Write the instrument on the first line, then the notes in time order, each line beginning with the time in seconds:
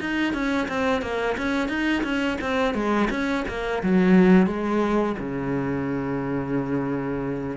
cello
0.00 D#4
0.33 C#4
0.68 C4
1.02 A#3
1.38 C#4
1.69 D#4
2.03 C#4
2.41 C4
2.74 G#3
3.10 C#4
3.48 A#3
3.83 F#3
4.47 G#3
5.19 C#3